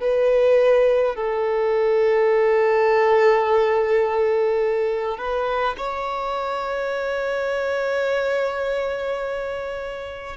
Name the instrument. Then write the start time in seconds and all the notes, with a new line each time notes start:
violin
0.00 B4
1.15 A4
5.18 B4
5.77 C#5